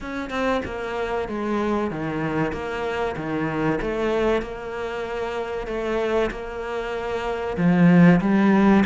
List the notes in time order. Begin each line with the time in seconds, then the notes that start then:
0.00 C#4
0.30 C4
0.65 A#3
1.28 G#3
1.91 D#3
2.52 A#3
3.16 D#3
3.81 A3
4.42 A#3
5.67 A3
6.30 A#3
7.57 F3
8.20 G3